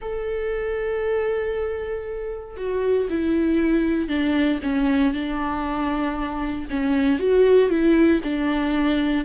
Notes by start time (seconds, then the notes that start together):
0.01 A4
2.56 F#4
3.09 E4
4.08 D4
4.62 C#4
5.13 D4
6.69 C#4
7.19 F#4
7.69 E4
8.23 D4